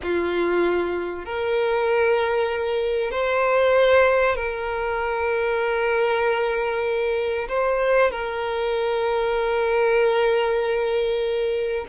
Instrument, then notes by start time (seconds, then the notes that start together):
violin
0.02 F4
1.25 A#4
3.11 C5
4.35 A#4
7.48 C5
8.11 A#4